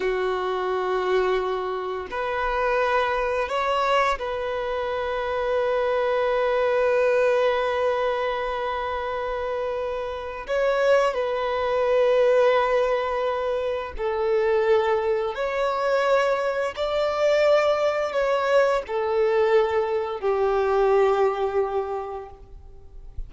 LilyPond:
\new Staff \with { instrumentName = "violin" } { \time 4/4 \tempo 4 = 86 fis'2. b'4~ | b'4 cis''4 b'2~ | b'1~ | b'2. cis''4 |
b'1 | a'2 cis''2 | d''2 cis''4 a'4~ | a'4 g'2. | }